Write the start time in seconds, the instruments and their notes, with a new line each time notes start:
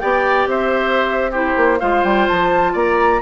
0.00 bassoon B3, clarinet G4, oboe D5, flute G5
0.47 bassoon C4, oboe C5, flute E5
1.31 clarinet E4, oboe G4, flute C5
1.57 bassoon A#3
1.80 bassoon G#3, clarinet F4, oboe C5, flute F5
2.04 bassoon G3, flute G5
2.29 bassoon F3, flute A5
2.73 bassoon A#3, oboe D5, flute A#5